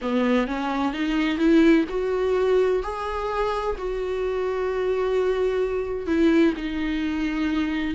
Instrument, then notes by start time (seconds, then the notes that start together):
viola
0.01 B3
0.47 C#4
0.93 D#4
1.38 E4
1.89 F#4
2.82 G#4
3.78 F#4
6.06 E4
6.56 D#4